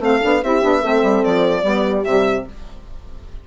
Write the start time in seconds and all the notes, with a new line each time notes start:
0.00 A3 C4 A4 F5
0.22 B3 D4
0.44 C4 E4 G4 E5
0.62 B3 D4
0.81 A3 C4 A4
1.03 G3
1.24 F3 D5
1.64 G3 B3 G4
2.05 C3 G3 E5